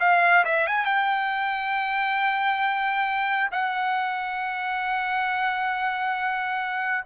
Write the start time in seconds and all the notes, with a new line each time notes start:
0.00 F5
0.45 E5
0.67 G#5
0.85 G5
3.51 F#5